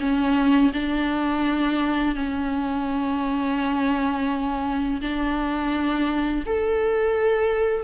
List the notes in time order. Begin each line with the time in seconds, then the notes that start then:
0.00 C#4
0.73 D4
2.15 C#4
5.01 D4
6.46 A4